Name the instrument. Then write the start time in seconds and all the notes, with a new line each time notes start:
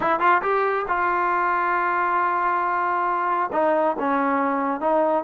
trombone
0.00 E4
0.19 F4
0.41 G4
0.87 F4
3.52 D#4
3.99 C#4
4.80 D#4